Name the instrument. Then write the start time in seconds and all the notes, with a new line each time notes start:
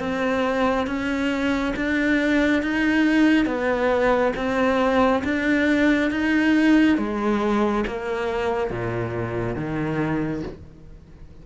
cello
0.00 C4
0.87 C#4
1.76 D4
2.63 D#4
3.46 B3
4.36 C4
5.25 D4
6.11 D#4
6.98 G#3
7.87 A#3
8.71 A#2
9.56 D#3